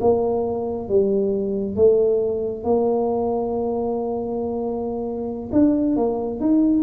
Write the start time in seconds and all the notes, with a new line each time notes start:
0.00 A#3
0.88 G3
1.75 A3
2.64 A#3
5.51 D4
5.96 A#3
6.40 D#4